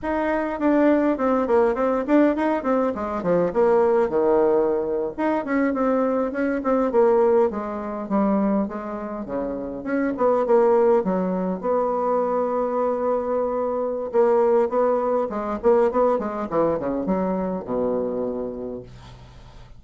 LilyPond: \new Staff \with { instrumentName = "bassoon" } { \time 4/4 \tempo 4 = 102 dis'4 d'4 c'8 ais8 c'8 d'8 | dis'8 c'8 gis8 f8 ais4 dis4~ | dis8. dis'8 cis'8 c'4 cis'8 c'8 ais16~ | ais8. gis4 g4 gis4 cis16~ |
cis8. cis'8 b8 ais4 fis4 b16~ | b1 | ais4 b4 gis8 ais8 b8 gis8 | e8 cis8 fis4 b,2 | }